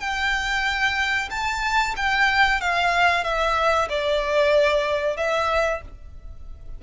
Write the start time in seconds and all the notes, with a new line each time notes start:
0.00 G5
1.30 A5
1.96 G5
2.61 F5
3.24 E5
3.89 D5
5.17 E5